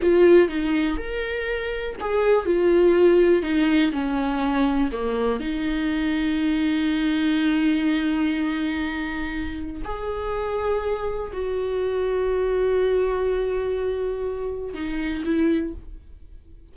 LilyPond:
\new Staff \with { instrumentName = "viola" } { \time 4/4 \tempo 4 = 122 f'4 dis'4 ais'2 | gis'4 f'2 dis'4 | cis'2 ais4 dis'4~ | dis'1~ |
dis'1 | gis'2. fis'4~ | fis'1~ | fis'2 dis'4 e'4 | }